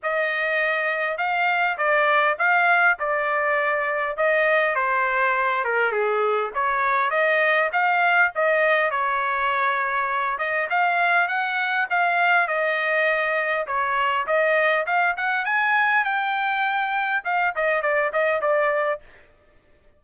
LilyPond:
\new Staff \with { instrumentName = "trumpet" } { \time 4/4 \tempo 4 = 101 dis''2 f''4 d''4 | f''4 d''2 dis''4 | c''4. ais'8 gis'4 cis''4 | dis''4 f''4 dis''4 cis''4~ |
cis''4. dis''8 f''4 fis''4 | f''4 dis''2 cis''4 | dis''4 f''8 fis''8 gis''4 g''4~ | g''4 f''8 dis''8 d''8 dis''8 d''4 | }